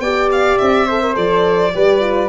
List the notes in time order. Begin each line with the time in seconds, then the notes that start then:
0.00 B3 G4 D5 G5
0.32 F5
0.58 C4 E5
0.87 A4 C5
1.02 A#4
1.15 F3 A4 D5
1.74 G3 G4 B4
2.00 F4